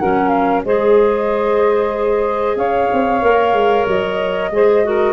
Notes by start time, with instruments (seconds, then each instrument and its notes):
0.00 tuba F#3, clarinet C#4, saxophone A#4, flute F#5
0.29 flute F5
0.65 tuba G#3, clarinet G#4, saxophone C5, flute D#5
2.56 tuba C#4, saxophone C#5, flute F5
2.93 tuba C4
3.22 tuba A#3, clarinet A#4
3.53 tuba G#3
3.88 tuba F#3, flute D#5
4.51 tuba G#3, clarinet G#4, saxophone C5
4.84 clarinet F#4, saxophone A#4